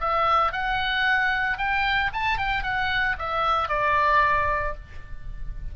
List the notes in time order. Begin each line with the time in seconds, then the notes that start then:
0.00 E5
0.52 F#5
1.58 G5
2.13 A5
2.37 G5
2.63 F#5
3.19 E5
3.69 D5